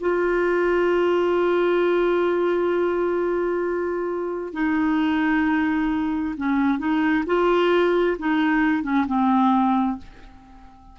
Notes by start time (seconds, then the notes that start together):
0.00 F4
4.53 D#4
6.37 C#4
6.79 D#4
7.26 F4
8.19 D#4
8.83 C#4
9.07 C4